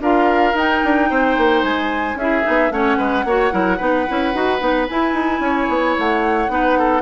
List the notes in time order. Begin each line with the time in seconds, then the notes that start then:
0.00 D4 F4 A#4 F5
0.54 D#4 G5
0.84 D4
1.10 C4 C5
1.38 A#3
1.63 G#3 G#5
2.15 C#4 E4 G#4 E5
2.43 B3 D#4
2.71 A3 C#4 C#5 F#5
2.98 G#3 B4
3.25 A#3 F#4 C#5
3.51 F#3 E4 A#4
3.77 B3 D#4 B4
4.08 C#4 E4
4.34 D#4 F#4
4.60 B3 D#4
4.89 E4 G#5
5.14 D#4
5.40 C#4 C#5
5.69 B3
5.99 A3 F#5
6.49 B3 D#4 B4
6.79 A4